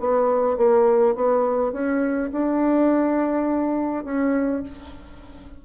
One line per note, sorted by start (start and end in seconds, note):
0.00 0.58 B3
0.58 1.16 A#3
1.16 1.73 B3
1.73 2.31 C#4
2.32 4.05 D4
4.05 4.63 C#4